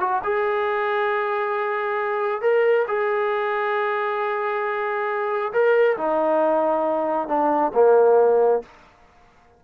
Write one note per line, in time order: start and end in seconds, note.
0.00 0.22 F#4
0.23 2.42 G#4
2.42 2.86 A#4
2.88 5.52 G#4
5.52 5.97 A#4
5.97 7.28 D#4
7.28 7.72 D4
7.74 8.62 A#3